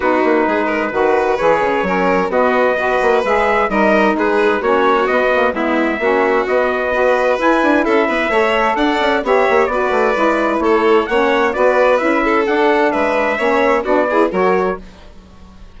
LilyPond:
<<
  \new Staff \with { instrumentName = "trumpet" } { \time 4/4 \tempo 4 = 130 b'2. cis''4~ | cis''4 dis''2 e''4 | dis''4 b'4 cis''4 dis''4 | e''2 dis''2 |
gis''4 e''2 fis''4 | e''4 d''2 cis''4 | fis''4 d''4 e''4 fis''4 | e''2 d''4 cis''4 | }
  \new Staff \with { instrumentName = "violin" } { \time 4/4 fis'4 gis'8 ais'8 b'2 | ais'4 fis'4 b'2 | ais'4 gis'4 fis'2 | e'4 fis'2 b'4~ |
b'4 a'8 b'8 cis''4 d''4 | cis''4 b'2 a'4 | cis''4 b'4. a'4. | b'4 cis''4 fis'8 gis'8 ais'4 | }
  \new Staff \with { instrumentName = "saxophone" } { \time 4/4 dis'2 fis'4 gis'4 | cis'4 b4 fis'4 gis'4 | dis'2 cis'4 b8 ais8 | b4 cis'4 b4 fis'4 |
e'2 a'2 | g'4 fis'4 e'2 | cis'4 fis'4 e'4 d'4~ | d'4 cis'4 d'8 e'8 fis'4 | }
  \new Staff \with { instrumentName = "bassoon" } { \time 4/4 b8 ais8 gis4 dis4 e8 cis8 | fis4 b4. ais8 gis4 | g4 gis4 ais4 b4 | gis4 ais4 b2 |
e'8 d'8 cis'8 b8 a4 d'8 cis'8 | b8 ais8 b8 a8 gis4 a4 | ais4 b4 cis'4 d'4 | gis4 ais4 b4 fis4 | }
>>